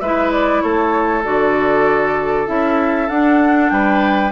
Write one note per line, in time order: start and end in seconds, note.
0.00 0.62 G#3
0.00 1.24 E4
0.00 0.63 B4
0.00 0.31 E5
0.31 0.61 D5
0.61 1.25 A3
0.61 3.73 A4
0.61 1.23 C#5
1.24 2.48 D3
1.24 2.46 F#4
1.24 2.48 D5
2.46 3.09 C#4
2.46 3.08 E4
2.46 3.08 E5
3.08 3.70 D4
3.08 4.32 D4
3.08 3.69 F#5
3.69 4.32 G3
3.69 4.32 B4
3.69 4.31 G5